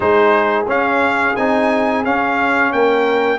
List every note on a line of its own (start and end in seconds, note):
0.00 0.67 G#3
0.00 0.65 D#4
0.00 2.72 G#4
0.00 0.65 C5
0.67 1.35 C#4
0.67 1.36 F5
1.36 2.05 C4
1.36 2.05 D#4
1.36 2.04 G#5
2.05 3.38 C#4
2.05 2.72 C#4
2.05 2.72 F5
2.72 3.38 A#3
2.72 3.38 A#4
2.72 3.38 G5